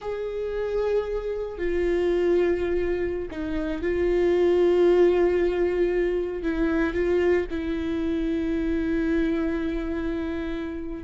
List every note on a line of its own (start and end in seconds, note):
0.01 1.57 G#4
1.57 3.28 F4
3.30 3.82 D#4
3.82 6.43 F4
6.43 6.93 E4
6.93 7.46 F4
7.50 11.03 E4